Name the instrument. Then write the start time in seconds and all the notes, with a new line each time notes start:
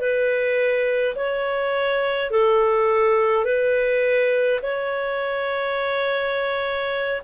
clarinet
0.00 B4
1.16 C#5
2.31 A4
3.45 B4
4.62 C#5